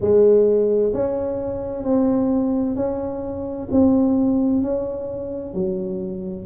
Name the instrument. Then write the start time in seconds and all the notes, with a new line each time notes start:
tuba
0.00 G#3
0.93 C#4
1.84 C4
2.75 C#4
3.71 C4
4.62 C#4
5.54 F#3